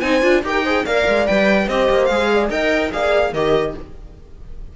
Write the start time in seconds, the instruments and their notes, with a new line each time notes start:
0.00 cello C4, viola D#4, horn C5, violin G#5
0.22 cello D4, viola F4
0.43 cello D#4, viola G4, horn A#4, violin G5
0.64 viola G#4, horn C5
0.85 cello A#3, viola A#4, horn D5, violin F5
1.08 cello G#3
1.27 cello G3, viola B4, violin G5
1.68 cello C4, viola G4, horn C5, violin D#5
1.89 cello A#3
2.05 cello G#3, viola G#4, violin F5
2.34 horn D5
2.49 cello D#4, viola A#4, horn D#5, violin G5
2.91 cello A#3, viola G#4, horn D5, violin F5
3.32 cello D#3, viola G4, horn A#4, violin D#5